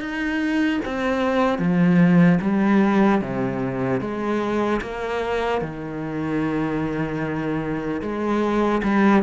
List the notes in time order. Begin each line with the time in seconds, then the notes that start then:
0.00 D#4
0.85 C4
1.59 F3
2.41 G3
3.21 C3
4.01 G#3
4.81 A#3
5.61 D#3
8.02 G#3
8.84 G3